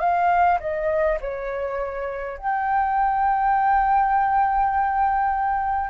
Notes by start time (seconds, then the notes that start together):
0.00 F5
0.60 D#5
1.21 C#5
2.38 G5